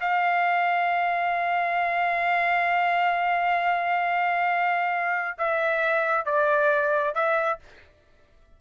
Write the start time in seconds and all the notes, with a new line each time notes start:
0.00 F5
5.38 E5
6.25 D5
7.14 E5